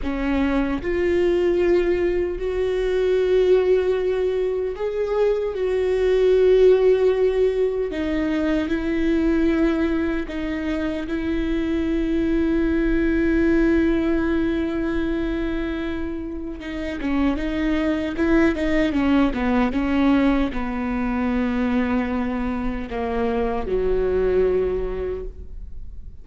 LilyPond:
\new Staff \with { instrumentName = "viola" } { \time 4/4 \tempo 4 = 76 cis'4 f'2 fis'4~ | fis'2 gis'4 fis'4~ | fis'2 dis'4 e'4~ | e'4 dis'4 e'2~ |
e'1~ | e'4 dis'8 cis'8 dis'4 e'8 dis'8 | cis'8 b8 cis'4 b2~ | b4 ais4 fis2 | }